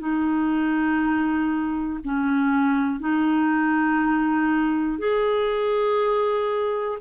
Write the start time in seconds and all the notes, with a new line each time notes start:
0.00 D#4
2.05 C#4
3.00 D#4
4.99 G#4